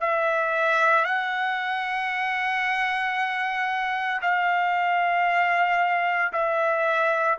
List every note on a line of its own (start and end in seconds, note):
0.00 1.04 E5
1.04 4.20 F#5
4.22 6.32 F5
6.33 7.38 E5